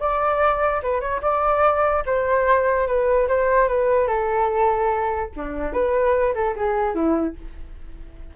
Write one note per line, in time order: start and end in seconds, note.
0.00 0.82 D5
0.83 1.01 B4
1.01 1.21 C#5
1.22 2.04 D5
2.06 2.87 C5
2.87 3.28 B4
3.29 3.68 C5
3.68 4.08 B4
4.08 5.30 A4
5.37 5.73 D4
5.73 6.35 B4
6.35 6.55 A4
6.56 6.95 G#4
6.95 7.36 E4